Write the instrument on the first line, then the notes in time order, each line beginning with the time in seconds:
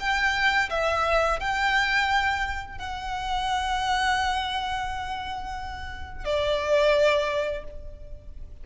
violin
0.00 G5
0.70 E5
1.40 G5
2.78 F#5
6.25 D5